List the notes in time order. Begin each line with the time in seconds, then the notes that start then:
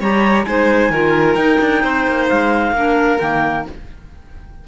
0.00 G3 G4 C#5 A#5
0.45 G#3 D#4 C5 G#5
0.90 D#3 F4 A#4
1.34 D#4 G5
1.61 D4
1.82 C4 C5
2.07 A#3
2.29 G#3 F5
2.71 A#3 D4 A#4
3.19 D#3 A#3 G5